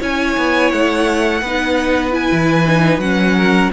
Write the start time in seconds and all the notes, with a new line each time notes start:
0.00 C#4 E4 C#5 G#5
0.37 B3
0.72 A3 F#5
1.42 B3 D#4 B4
2.11 E4 G#5
2.32 E3
2.67 D#4
2.98 F#3 C#4 F#5
3.37 A#4